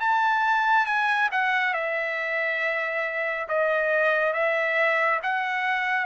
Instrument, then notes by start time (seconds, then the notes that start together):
trumpet
0.00 A5
0.86 G#5
1.32 F#5
1.74 E5
3.48 D#5
4.33 E5
5.23 F#5